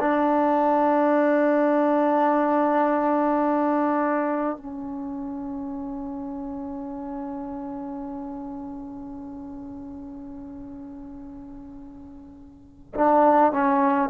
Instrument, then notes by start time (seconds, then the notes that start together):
trombone
0.00 D4
4.57 C#4
12.95 D4
13.53 C#4